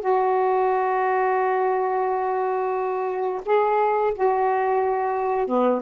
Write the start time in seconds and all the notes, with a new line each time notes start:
0.00 F#4
3.45 G#4
4.14 F#4
5.47 B3